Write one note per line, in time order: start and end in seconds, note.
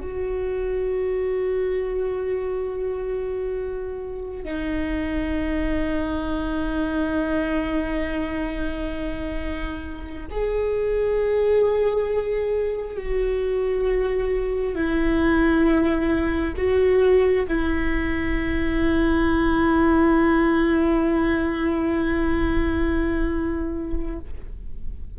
0.00 4.44 F#4
4.44 10.26 D#4
10.30 12.97 G#4
12.97 14.75 F#4
14.75 16.54 E4
16.57 17.46 F#4
17.47 24.19 E4